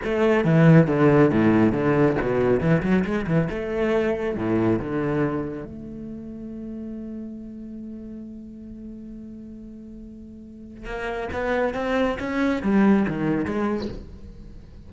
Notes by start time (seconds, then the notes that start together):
0.04 A3
0.44 E3
0.87 D3
1.30 A2
1.72 D3
2.21 B2
2.60 E3
2.82 F#3
3.04 G#3
3.26 E3
3.49 A3
4.36 A2
4.79 D3
5.64 A3
10.85 A#3
11.33 B3
11.74 C4
12.19 C#4
12.62 G3
13.08 D#3
13.45 G#3